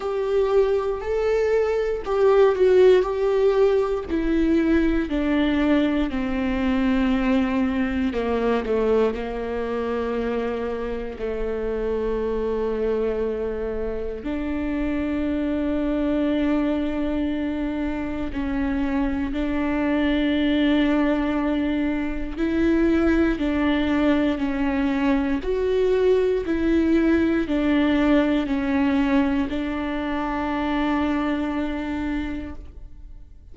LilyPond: \new Staff \with { instrumentName = "viola" } { \time 4/4 \tempo 4 = 59 g'4 a'4 g'8 fis'8 g'4 | e'4 d'4 c'2 | ais8 a8 ais2 a4~ | a2 d'2~ |
d'2 cis'4 d'4~ | d'2 e'4 d'4 | cis'4 fis'4 e'4 d'4 | cis'4 d'2. | }